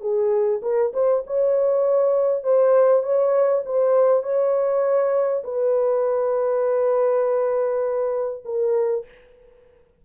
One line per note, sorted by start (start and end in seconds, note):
0.00 0.60 G#4
0.62 0.92 A#4
0.93 1.23 C5
1.26 2.43 C#5
2.43 3.03 C5
3.03 3.63 C#5
3.65 4.22 C5
4.22 5.42 C#5
5.43 8.43 B4
8.45 9.05 A#4